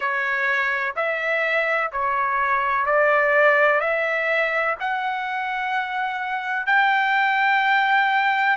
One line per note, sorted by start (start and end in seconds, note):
0.00 0.94 C#5
0.95 1.90 E5
1.91 2.86 C#5
2.86 3.80 D5
3.80 4.75 E5
4.80 6.66 F#5
6.66 8.56 G5